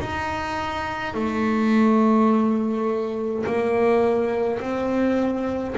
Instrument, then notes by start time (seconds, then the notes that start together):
double bass
0.00 D#4
1.14 A3
3.46 A#3
4.60 C4